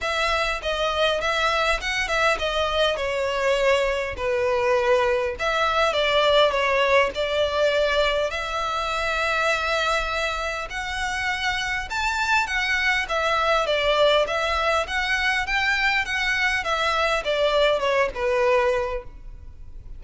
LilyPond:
\new Staff \with { instrumentName = "violin" } { \time 4/4 \tempo 4 = 101 e''4 dis''4 e''4 fis''8 e''8 | dis''4 cis''2 b'4~ | b'4 e''4 d''4 cis''4 | d''2 e''2~ |
e''2 fis''2 | a''4 fis''4 e''4 d''4 | e''4 fis''4 g''4 fis''4 | e''4 d''4 cis''8 b'4. | }